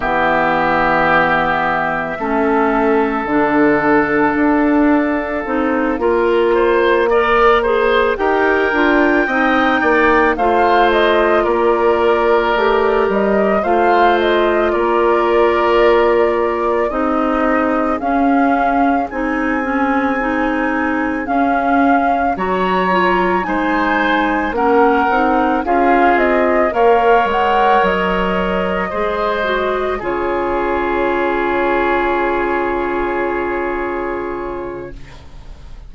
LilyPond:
<<
  \new Staff \with { instrumentName = "flute" } { \time 4/4 \tempo 4 = 55 e''2. f''4~ | f''2.~ f''8 g''8~ | g''4. f''8 dis''8 d''4. | dis''8 f''8 dis''8 d''2 dis''8~ |
dis''8 f''4 gis''2 f''8~ | f''8 ais''4 gis''4 fis''4 f''8 | dis''8 f''8 fis''8 dis''2 cis''8~ | cis''1 | }
  \new Staff \with { instrumentName = "oboe" } { \time 4/4 g'2 a'2~ | a'4. ais'8 c''8 d''8 c''8 ais'8~ | ais'8 dis''8 d''8 c''4 ais'4.~ | ais'8 c''4 ais'2 gis'8~ |
gis'1~ | gis'8 cis''4 c''4 ais'4 gis'8~ | gis'8 cis''2 c''4 gis'8~ | gis'1 | }
  \new Staff \with { instrumentName = "clarinet" } { \time 4/4 b2 cis'4 d'4~ | d'4 dis'8 f'4 ais'8 gis'8 g'8 | f'8 dis'4 f'2 g'8~ | g'8 f'2. dis'8~ |
dis'8 cis'4 dis'8 cis'8 dis'4 cis'8~ | cis'8 fis'8 f'8 dis'4 cis'8 dis'8 f'8~ | f'8 ais'2 gis'8 fis'8 f'8~ | f'1 | }
  \new Staff \with { instrumentName = "bassoon" } { \time 4/4 e2 a4 d4 | d'4 c'8 ais2 dis'8 | d'8 c'8 ais8 a4 ais4 a8 | g8 a4 ais2 c'8~ |
c'8 cis'4 c'2 cis'8~ | cis'8 fis4 gis4 ais8 c'8 cis'8 | c'8 ais8 gis8 fis4 gis4 cis8~ | cis1 | }
>>